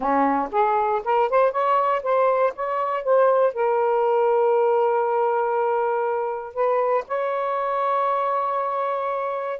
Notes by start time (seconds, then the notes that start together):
0.00 C#4
0.51 G#4
1.04 A#4
1.29 C5
1.51 C#5
2.02 C5
2.55 C#5
3.03 C5
3.53 A#4
6.54 B4
7.07 C#5